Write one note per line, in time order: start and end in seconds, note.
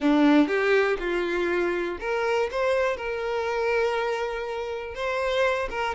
0.00 0.47 D4
0.47 0.97 G4
0.99 1.98 F4
2.00 2.49 A#4
2.51 2.96 C5
2.96 4.94 A#4
4.94 5.69 C5
5.70 5.94 A#4